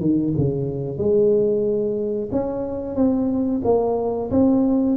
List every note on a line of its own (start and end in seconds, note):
0.00 0.33 D#3
0.37 0.97 C#3
0.97 2.29 G#3
2.32 2.96 C#4
2.96 3.61 C4
3.64 4.30 A#3
4.30 4.96 C4